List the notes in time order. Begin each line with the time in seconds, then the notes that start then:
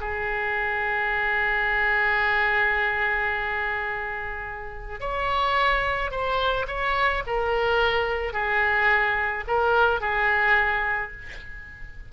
0.00 G#4
5.00 C#5
6.11 C5
6.67 C#5
7.26 A#4
8.33 G#4
9.47 A#4
10.01 G#4